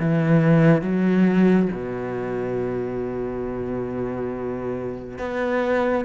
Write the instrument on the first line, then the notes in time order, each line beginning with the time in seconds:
cello
0.00 E3
0.82 F#3
1.73 B2
5.19 B3